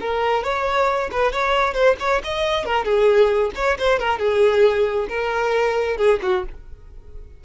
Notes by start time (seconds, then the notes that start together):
0.00 A#4
0.43 C#5
1.11 B4
1.32 C#5
1.74 C5
1.99 C#5
2.24 D#5
2.65 A#4
2.84 G#4
3.55 C#5
3.78 C5
3.99 A#4
4.18 G#4
5.08 A#4
5.97 G#4
6.22 F#4